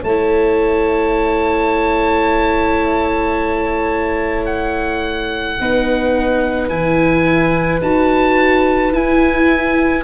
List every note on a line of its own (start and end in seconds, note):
0.00 5.59 A3
0.00 5.56 C#5
0.00 4.46 A5
0.07 5.59 E4
4.46 6.68 F#5
5.59 6.69 B3
5.59 6.70 D#4
5.59 10.04 B4
6.69 7.80 E3
6.69 7.81 E4
6.69 7.80 G#5
7.81 8.91 D#4
7.81 8.93 F#4
7.81 8.93 A5
8.91 10.03 E4
8.91 10.04 E4
8.91 10.04 G#5